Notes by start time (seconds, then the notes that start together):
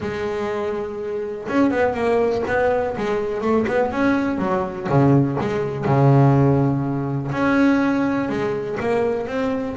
0.00 G#3
1.48 C#4
1.70 B3
1.94 A#3
2.47 B3
2.97 G#3
3.41 A3
3.67 B3
3.91 C#4
4.38 F#3
4.89 C#3
5.40 G#3
5.84 C#3
7.31 C#4
8.29 G#3
8.80 A#3
9.27 C4